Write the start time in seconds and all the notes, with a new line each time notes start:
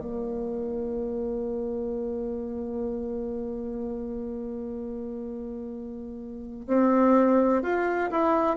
0.00 A#3
6.68 C4
7.62 F4
8.11 E4